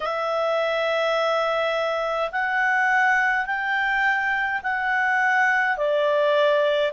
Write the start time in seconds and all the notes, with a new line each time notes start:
0.00 E5
2.31 F#5
3.46 G5
4.62 F#5
5.77 D5